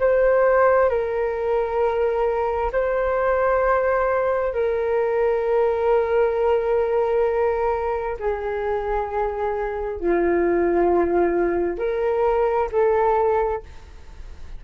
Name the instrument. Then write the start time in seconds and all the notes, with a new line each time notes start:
flute
0.00 C5
0.89 A#4
2.72 C5
4.53 A#4
8.19 G#4
10.00 F4
11.78 A#4
12.72 A4